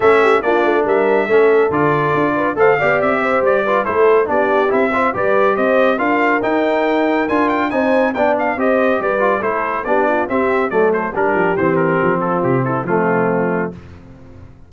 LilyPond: <<
  \new Staff \with { instrumentName = "trumpet" } { \time 4/4 \tempo 4 = 140 e''4 d''4 e''2 | d''2 f''4 e''4 | d''4 c''4 d''4 e''4 | d''4 dis''4 f''4 g''4~ |
g''4 gis''8 g''8 gis''4 g''8 f''8 | dis''4 d''4 c''4 d''4 | e''4 d''8 c''8 ais'4 c''8 ais'8~ | ais'8 a'8 g'8 a'8 f'2 | }
  \new Staff \with { instrumentName = "horn" } { \time 4/4 a'8 g'8 f'4 ais'4 a'4~ | a'4. b'8 c''8 d''4 c''8~ | c''8 b'8 a'4 g'4. c''8 | b'4 c''4 ais'2~ |
ais'2 c''4 d''4 | c''4 b'4 a'4 g'8 f'8 | g'4 a'4 g'2~ | g'8 f'4 e'8 c'2 | }
  \new Staff \with { instrumentName = "trombone" } { \time 4/4 cis'4 d'2 cis'4 | f'2 a'8 g'4.~ | g'8 f'8 e'4 d'4 e'8 f'8 | g'2 f'4 dis'4~ |
dis'4 f'4 dis'4 d'4 | g'4. f'8 e'4 d'4 | c'4 a4 d'4 c'4~ | c'2 a2 | }
  \new Staff \with { instrumentName = "tuba" } { \time 4/4 a4 ais8 a8 g4 a4 | d4 d'4 a8 b8 c'4 | g4 a4 b4 c'4 | g4 c'4 d'4 dis'4~ |
dis'4 d'4 c'4 b4 | c'4 g4 a4 b4 | c'4 fis4 g8 f8 e4 | f4 c4 f2 | }
>>